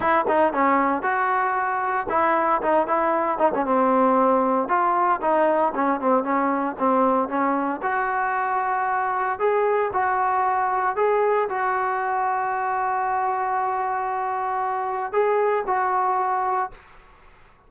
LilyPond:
\new Staff \with { instrumentName = "trombone" } { \time 4/4 \tempo 4 = 115 e'8 dis'8 cis'4 fis'2 | e'4 dis'8 e'4 dis'16 cis'16 c'4~ | c'4 f'4 dis'4 cis'8 c'8 | cis'4 c'4 cis'4 fis'4~ |
fis'2 gis'4 fis'4~ | fis'4 gis'4 fis'2~ | fis'1~ | fis'4 gis'4 fis'2 | }